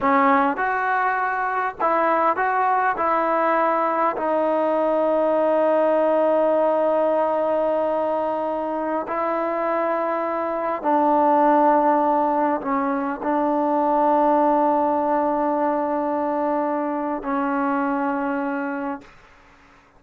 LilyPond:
\new Staff \with { instrumentName = "trombone" } { \time 4/4 \tempo 4 = 101 cis'4 fis'2 e'4 | fis'4 e'2 dis'4~ | dis'1~ | dis'2.~ dis'16 e'8.~ |
e'2~ e'16 d'4.~ d'16~ | d'4~ d'16 cis'4 d'4.~ d'16~ | d'1~ | d'4 cis'2. | }